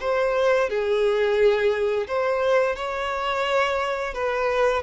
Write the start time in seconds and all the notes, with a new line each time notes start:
0.00 C5
0.69 G#4
2.07 C5
2.76 C#5
4.13 B4